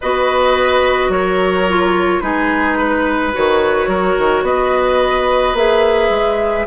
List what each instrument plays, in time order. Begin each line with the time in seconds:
0.01 bassoon B3, clarinet F#4, oboe B4, flute D#5
1.08 bassoon F#3, oboe A#4, flute C#5
1.69 clarinet F4
2.20 bassoon G#3, clarinet D#4, oboe G#4, flute B4
2.78 oboe B4
3.32 bassoon D#3, clarinet F#4, flute C#5
3.87 bassoon F#3, oboe A#4
4.18 bassoon D#3
4.42 bassoon B3, oboe B4, flute D#5
5.53 bassoon A#3, clarinet G#4, flute E5
6.09 bassoon G#3